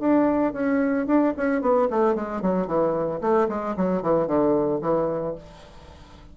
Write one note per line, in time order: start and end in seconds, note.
0.00 0.53 D4
0.53 1.07 C#4
1.07 1.34 D4
1.37 1.61 C#4
1.61 1.88 B3
1.90 2.15 A3
2.15 2.42 G#3
2.42 2.67 F#3
2.67 3.20 E3
3.21 3.48 A3
3.49 3.75 G#3
3.77 4.02 F#3
4.02 4.27 E3
4.27 4.81 D3
4.81 5.35 E3